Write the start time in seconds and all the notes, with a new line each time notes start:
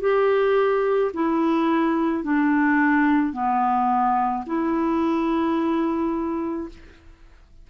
0.00 G4
1.14 E4
2.23 D4
3.32 B3
4.46 E4